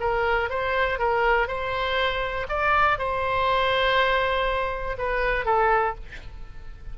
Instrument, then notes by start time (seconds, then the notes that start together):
oboe
0.00 A#4
0.50 C5
0.99 A#4
1.48 C5
2.49 D5
2.98 C5
4.98 B4
5.45 A4